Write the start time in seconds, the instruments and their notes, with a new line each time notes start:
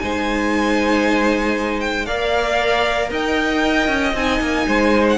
0.00 cello G#3, viola D#4, violin C5 G#5
1.81 violin G5
2.06 cello A#3, viola A#4, violin D5 F5
3.11 cello D#4, violin D#5 G5
3.88 cello C#4
4.14 cello C4, viola D#4, violin G#5
4.41 cello A#3
4.68 cello G#3, violin C5
5.10 violin F#5